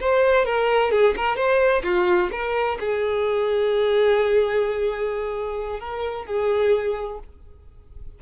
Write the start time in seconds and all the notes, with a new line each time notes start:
0.00 C5
0.45 A#4
0.91 G#4
1.16 A#4
1.36 C5
1.83 F4
2.32 A#4
2.79 G#4
5.80 A#4
6.26 G#4